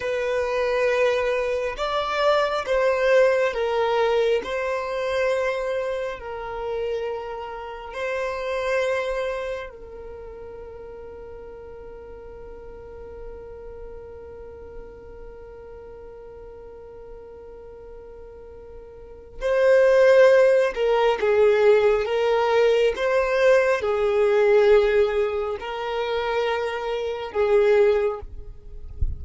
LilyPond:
\new Staff \with { instrumentName = "violin" } { \time 4/4 \tempo 4 = 68 b'2 d''4 c''4 | ais'4 c''2 ais'4~ | ais'4 c''2 ais'4~ | ais'1~ |
ais'1~ | ais'2 c''4. ais'8 | gis'4 ais'4 c''4 gis'4~ | gis'4 ais'2 gis'4 | }